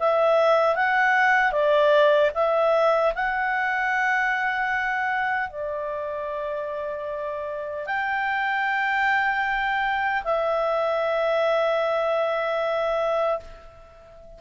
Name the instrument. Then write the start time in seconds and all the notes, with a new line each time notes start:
clarinet
0.00 E5
0.76 F#5
1.53 D5
2.35 E5
3.15 F#5
5.50 D5
7.87 G5
10.25 E5